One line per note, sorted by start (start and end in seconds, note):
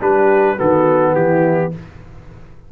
0.00 0.57 G3
0.00 0.57 D4
0.00 0.55 G4
0.00 0.59 B4
0.55 1.14 D#3
0.55 1.71 B3
0.55 1.12 F#4
0.55 1.15 A4
1.14 1.71 E3
1.14 1.71 E4
1.14 1.72 G4